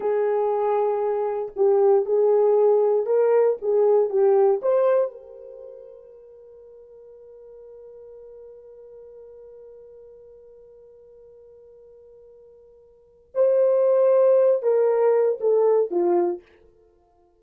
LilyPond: \new Staff \with { instrumentName = "horn" } { \time 4/4 \tempo 4 = 117 gis'2. g'4 | gis'2 ais'4 gis'4 | g'4 c''4 ais'2~ | ais'1~ |
ais'1~ | ais'1~ | ais'2 c''2~ | c''8 ais'4. a'4 f'4 | }